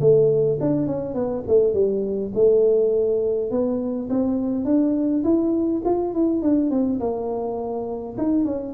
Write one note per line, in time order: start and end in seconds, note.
0.00 0.58 A3
0.60 0.86 D4
0.86 1.14 C#4
1.14 1.43 B3
1.47 1.73 A3
1.73 2.31 G3
2.34 3.50 A3
3.50 4.09 B3
4.09 4.64 C4
4.64 5.23 D4
5.23 5.82 E4
5.84 6.14 F4
6.14 6.41 E4
6.41 6.70 D4
6.70 6.99 C4
7.00 8.16 A#3
8.17 8.44 D#4
8.44 8.73 C#4